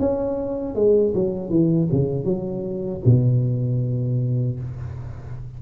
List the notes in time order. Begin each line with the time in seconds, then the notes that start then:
0.00 C#4
0.75 G#3
1.15 F#3
1.50 E3
1.92 C#3
2.25 F#3
3.06 B2